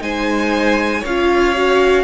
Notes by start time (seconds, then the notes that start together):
0.00 G#3 D#4 C5 G#5
1.01 C#4 C#5 F5
1.08 F4
1.56 F#4